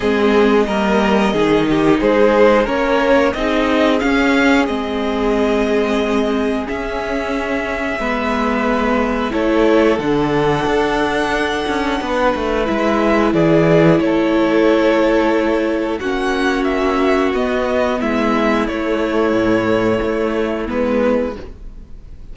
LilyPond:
<<
  \new Staff \with { instrumentName = "violin" } { \time 4/4 \tempo 4 = 90 dis''2. c''4 | cis''4 dis''4 f''4 dis''4~ | dis''2 e''2~ | e''2 cis''4 fis''4~ |
fis''2. e''4 | d''4 cis''2. | fis''4 e''4 dis''4 e''4 | cis''2. b'4 | }
  \new Staff \with { instrumentName = "violin" } { \time 4/4 gis'4 ais'4 gis'8 g'8 gis'4 | ais'4 gis'2.~ | gis'1 | b'2 a'2~ |
a'2 b'2 | gis'4 a'2. | fis'2. e'4~ | e'1 | }
  \new Staff \with { instrumentName = "viola" } { \time 4/4 c'4 ais4 dis'2 | cis'4 dis'4 cis'4 c'4~ | c'2 cis'2 | b2 e'4 d'4~ |
d'2. e'4~ | e'1 | cis'2 b2 | a2. b4 | }
  \new Staff \with { instrumentName = "cello" } { \time 4/4 gis4 g4 dis4 gis4 | ais4 c'4 cis'4 gis4~ | gis2 cis'2 | gis2 a4 d4 |
d'4. cis'8 b8 a8 gis4 | e4 a2. | ais2 b4 gis4 | a4 a,4 a4 gis4 | }
>>